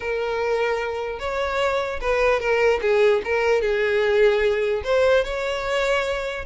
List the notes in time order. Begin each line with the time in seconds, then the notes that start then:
0.00 A#4
1.19 C#5
2.00 B4
2.39 A#4
2.81 G#4
3.24 A#4
3.61 G#4
4.84 C5
5.24 C#5